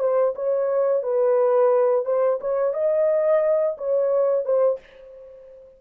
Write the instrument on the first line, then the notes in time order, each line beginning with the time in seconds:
horn
0.00 C5
0.35 C#5
1.03 B4
2.06 C5
2.41 C#5
2.74 D#5
3.78 C#5
4.45 C5